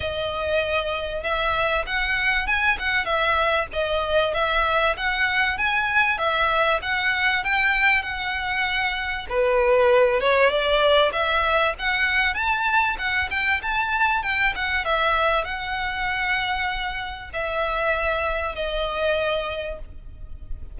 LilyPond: \new Staff \with { instrumentName = "violin" } { \time 4/4 \tempo 4 = 97 dis''2 e''4 fis''4 | gis''8 fis''8 e''4 dis''4 e''4 | fis''4 gis''4 e''4 fis''4 | g''4 fis''2 b'4~ |
b'8 cis''8 d''4 e''4 fis''4 | a''4 fis''8 g''8 a''4 g''8 fis''8 | e''4 fis''2. | e''2 dis''2 | }